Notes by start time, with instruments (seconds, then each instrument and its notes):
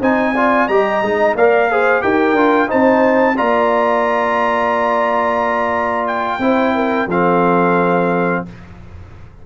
0.00 tuba C4, trombone D#4, horn C5, trumpet G#5
0.35 trombone F4, horn D5
0.68 tuba G3, trombone G4, horn D#5, trumpet A#5
1.02 tuba G#3, trombone D#4
1.35 tuba A#3, trombone A#4, horn D5, trumpet F5
1.72 trombone G#4, horn C5
2.02 tuba D#4, trombone G4, horn A#4, trumpet G5
2.34 tuba D4, trombone F4
2.68 tuba C4, trombone D#4, horn C5, trumpet A5
3.37 tuba A#3, trombone F4, horn D5, trumpet A#5
6.08 trumpet G5
6.39 tuba C4, trombone E4, horn C5
6.75 horn A#4
7.07 tuba F3, trombone C4, horn A4, trumpet F5